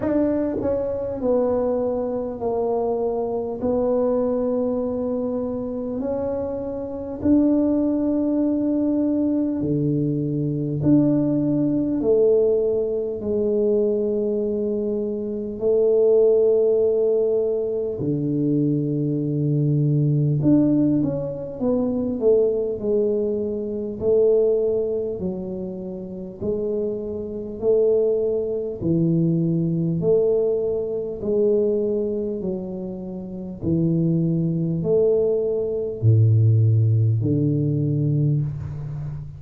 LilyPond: \new Staff \with { instrumentName = "tuba" } { \time 4/4 \tempo 4 = 50 d'8 cis'8 b4 ais4 b4~ | b4 cis'4 d'2 | d4 d'4 a4 gis4~ | gis4 a2 d4~ |
d4 d'8 cis'8 b8 a8 gis4 | a4 fis4 gis4 a4 | e4 a4 gis4 fis4 | e4 a4 a,4 d4 | }